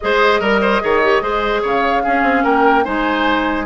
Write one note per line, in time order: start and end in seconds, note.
0.00 0.40 G#3
0.00 0.42 G#4
0.00 0.39 C5
0.00 1.61 D#5
0.39 0.81 G3
0.39 0.60 A#4
0.39 0.81 A#4
0.61 0.81 C5
0.81 1.21 D#3
0.81 1.01 G#4
0.81 1.22 C#5
1.02 1.21 G4
1.21 1.62 G#3
1.21 2.03 G#4
1.21 1.62 C5
1.62 2.05 C#3
1.62 2.03 C#5
1.62 2.44 F5
2.03 2.84 C#4
2.03 2.22 C#4
2.03 2.43 G#4
2.22 2.43 C4
2.43 2.85 A#3
2.43 2.84 A#4
2.43 2.85 G5
2.84 3.66 G#3
2.84 3.66 D#4
2.84 3.66 C5
2.84 3.66 G#5